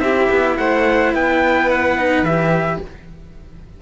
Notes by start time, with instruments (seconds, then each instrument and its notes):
0.00 cello C4 E4, violin G4, trumpet E5
0.30 cello B3
0.57 cello A3, violin C5, trumpet F#5
1.14 cello B3, violin B4, trumpet G5
1.70 trumpet F#5
1.98 cello D#4
2.22 cello E3 G4, trumpet E5